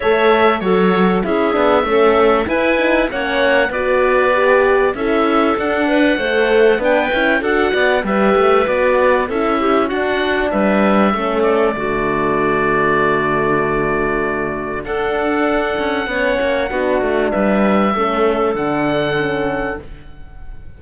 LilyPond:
<<
  \new Staff \with { instrumentName = "oboe" } { \time 4/4 \tempo 4 = 97 e''4 cis''4 e''2 | gis''4 fis''4 d''2 | e''4 fis''2 g''4 | fis''4 e''4 d''4 e''4 |
fis''4 e''4. d''4.~ | d''1 | fis''1 | e''2 fis''2 | }
  \new Staff \with { instrumentName = "clarinet" } { \time 4/4 cis''4 a'4 gis'4 a'4 | b'4 cis''4 b'2 | a'4. b'8 c''4 b'4 | a'8 d''8 b'2 a'8 g'8 |
fis'4 b'4 a'4 fis'4~ | fis'1 | a'2 cis''4 fis'4 | b'4 a'2. | }
  \new Staff \with { instrumentName = "horn" } { \time 4/4 a'4 fis'4 e'8 d'8 cis'4 | e'8 dis'8 cis'4 fis'4 g'4 | e'4 d'4 a'4 d'8 e'8 | fis'4 g'4 fis'4 e'4 |
d'2 cis'4 a4~ | a1 | d'2 cis'4 d'4~ | d'4 cis'4 d'4 cis'4 | }
  \new Staff \with { instrumentName = "cello" } { \time 4/4 a4 fis4 cis'8 b8 a4 | e'4 ais4 b2 | cis'4 d'4 a4 b8 cis'8 | d'8 b8 g8 a8 b4 cis'4 |
d'4 g4 a4 d4~ | d1 | d'4. cis'8 b8 ais8 b8 a8 | g4 a4 d2 | }
>>